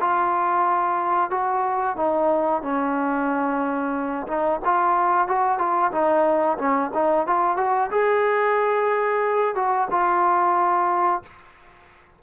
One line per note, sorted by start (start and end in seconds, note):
0.00 1.30 F4
1.30 1.96 F#4
1.96 2.62 D#4
2.62 4.26 C#4
4.27 4.60 D#4
4.65 5.27 F4
5.27 5.58 F#4
5.58 5.91 F4
5.91 6.57 D#4
6.58 6.91 C#4
6.94 7.26 D#4
7.26 7.57 F4
7.57 7.90 F#4
7.91 9.55 G#4
9.55 9.88 F#4
9.90 11.22 F4